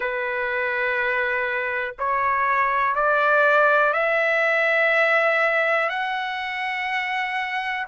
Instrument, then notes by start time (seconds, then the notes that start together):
trumpet
0.00 B4
1.99 C#5
2.95 D5
3.93 E5
5.89 F#5